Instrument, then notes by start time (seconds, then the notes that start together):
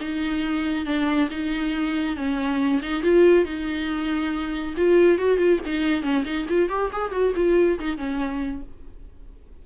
viola
0.00 D#4
0.85 D4
1.30 D#4
2.16 C#4
2.82 D#4
3.02 F4
3.45 D#4
4.76 F4
5.18 F#4
5.37 F4
5.65 D#4
6.02 C#4
6.24 D#4
6.48 F4
6.69 G4
6.92 G#4
7.11 F#4
7.35 F4
7.79 D#4
7.97 C#4